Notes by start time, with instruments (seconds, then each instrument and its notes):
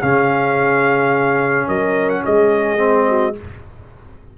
0.00 tuba C#3, trombone C#4, horn G#4, trumpet F5
1.67 tuba F#3, horn A#4, trumpet D#5
2.09 trumpet F#5
2.24 tuba G#3, horn G#4, trumpet D#5
2.77 trombone C4
3.08 horn F#4